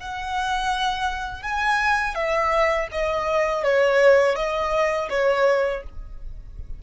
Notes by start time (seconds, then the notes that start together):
0.00 F#5
1.42 G#5
2.15 E5
2.92 D#5
3.64 C#5
4.36 D#5
5.10 C#5